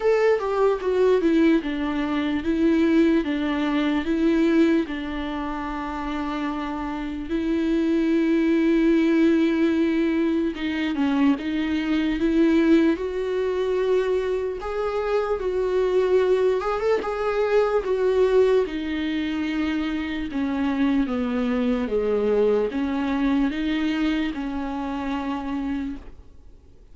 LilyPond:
\new Staff \with { instrumentName = "viola" } { \time 4/4 \tempo 4 = 74 a'8 g'8 fis'8 e'8 d'4 e'4 | d'4 e'4 d'2~ | d'4 e'2.~ | e'4 dis'8 cis'8 dis'4 e'4 |
fis'2 gis'4 fis'4~ | fis'8 gis'16 a'16 gis'4 fis'4 dis'4~ | dis'4 cis'4 b4 gis4 | cis'4 dis'4 cis'2 | }